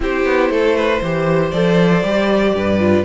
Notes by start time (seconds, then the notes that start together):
0.00 C4 E4 G4 C5
0.25 B3
0.50 A3 A4
0.76 B4
1.01 E3 G4 C5
1.51 F3 A4 D5
2.03 G3 G4
2.54 G2 B4
2.79 F4